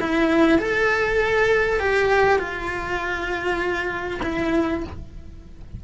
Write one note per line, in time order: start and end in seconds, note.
0.00 0.58 E4
0.58 1.79 A4
1.79 2.38 G4
2.38 4.20 F4
4.23 4.83 E4